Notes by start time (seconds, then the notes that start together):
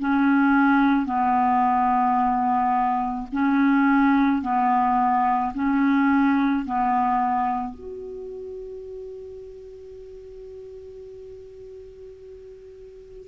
0.00 C#4
1.06 B3
3.32 C#4
4.42 B3
5.55 C#4
6.66 B3
7.74 F#4